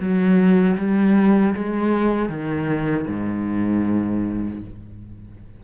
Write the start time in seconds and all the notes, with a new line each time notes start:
0.00 F#3
0.77 G3
1.55 G#3
2.29 D#3
3.07 G#2